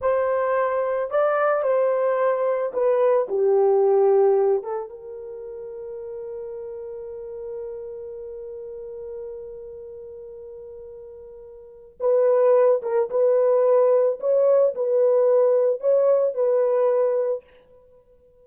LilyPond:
\new Staff \with { instrumentName = "horn" } { \time 4/4 \tempo 4 = 110 c''2 d''4 c''4~ | c''4 b'4 g'2~ | g'8 a'8 ais'2.~ | ais'1~ |
ais'1~ | ais'2 b'4. ais'8 | b'2 cis''4 b'4~ | b'4 cis''4 b'2 | }